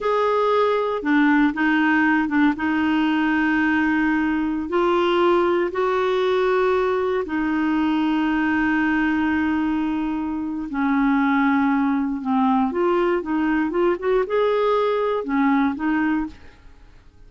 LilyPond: \new Staff \with { instrumentName = "clarinet" } { \time 4/4 \tempo 4 = 118 gis'2 d'4 dis'4~ | dis'8 d'8 dis'2.~ | dis'4~ dis'16 f'2 fis'8.~ | fis'2~ fis'16 dis'4.~ dis'16~ |
dis'1~ | dis'4 cis'2. | c'4 f'4 dis'4 f'8 fis'8 | gis'2 cis'4 dis'4 | }